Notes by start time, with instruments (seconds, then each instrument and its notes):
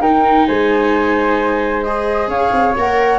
0.00 tuba D#4, viola D#4, flute A#4 G5
0.47 tuba G#3, flute C5 G#5
1.83 viola G#4, flute D#5
2.28 tuba C#4, flute C#5 F5
2.52 tuba C4
2.77 tuba A#3, viola A#4, flute F#5